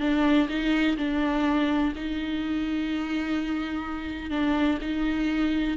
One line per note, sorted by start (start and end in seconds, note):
0.00 0.48 D4
0.49 0.97 D#4
0.97 1.93 D4
1.96 4.30 D#4
4.30 4.78 D4
4.81 5.77 D#4